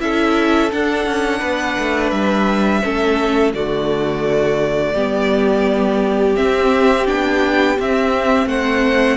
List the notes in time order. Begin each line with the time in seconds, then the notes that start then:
0.00 C#4 E4 A4 E5
0.71 D4 F#5
1.06 C#4
1.39 B3 B4
1.79 A3
2.11 G3 E5
2.83 A3 C#4 A4
3.54 D3 A3 F#4 D5
4.94 G3 B3 G4
6.35 C4 E5
7.06 B3 D4 G5
7.78 C4 E5
8.46 A3 C5 F#5